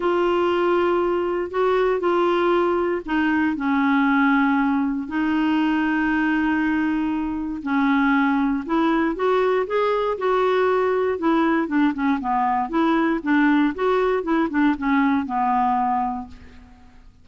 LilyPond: \new Staff \with { instrumentName = "clarinet" } { \time 4/4 \tempo 4 = 118 f'2. fis'4 | f'2 dis'4 cis'4~ | cis'2 dis'2~ | dis'2. cis'4~ |
cis'4 e'4 fis'4 gis'4 | fis'2 e'4 d'8 cis'8 | b4 e'4 d'4 fis'4 | e'8 d'8 cis'4 b2 | }